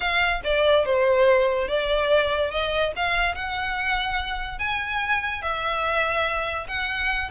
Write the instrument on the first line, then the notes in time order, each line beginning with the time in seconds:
violin
0.00 F5
0.44 D5
0.85 C5
1.68 D5
2.50 D#5
2.96 F5
3.34 F#5
4.58 G#5
5.41 E5
6.67 F#5